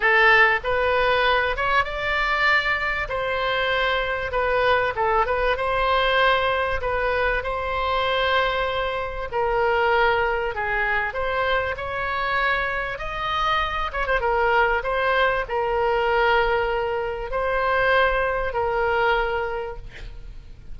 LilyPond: \new Staff \with { instrumentName = "oboe" } { \time 4/4 \tempo 4 = 97 a'4 b'4. cis''8 d''4~ | d''4 c''2 b'4 | a'8 b'8 c''2 b'4 | c''2. ais'4~ |
ais'4 gis'4 c''4 cis''4~ | cis''4 dis''4. cis''16 c''16 ais'4 | c''4 ais'2. | c''2 ais'2 | }